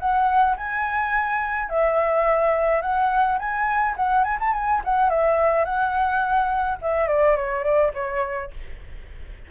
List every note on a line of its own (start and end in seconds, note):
0.00 0.57 F#5
0.57 1.70 G#5
1.70 2.82 E5
2.82 3.39 F#5
3.39 3.96 G#5
3.97 4.24 F#5
4.24 4.38 G#5
4.40 4.54 A5
4.54 4.82 G#5
4.85 5.10 F#5
5.10 5.65 E5
5.65 6.78 F#5
6.82 7.08 E5
7.08 7.36 D5
7.37 7.64 C#5
7.64 7.92 D5
7.95 8.51 C#5